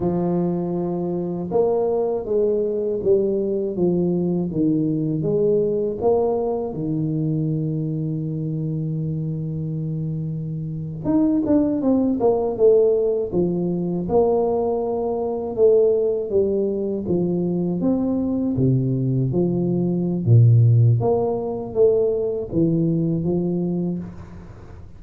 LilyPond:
\new Staff \with { instrumentName = "tuba" } { \time 4/4 \tempo 4 = 80 f2 ais4 gis4 | g4 f4 dis4 gis4 | ais4 dis2.~ | dis2~ dis8. dis'8 d'8 c'16~ |
c'16 ais8 a4 f4 ais4~ ais16~ | ais8. a4 g4 f4 c'16~ | c'8. c4 f4~ f16 ais,4 | ais4 a4 e4 f4 | }